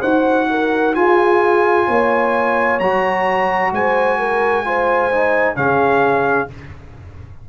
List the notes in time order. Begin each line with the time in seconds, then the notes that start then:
0.00 D#4 F#4 C5 F#5
0.50 A#4
0.95 F4 G#4 G#5
1.87 A#3 C#5
2.79 F#3 F#4 A#5
3.72 G#3 C5 G#5
4.19 A#4
4.65 F4 C5
5.12 D#4
5.56 C#3 C#4 G#4 F5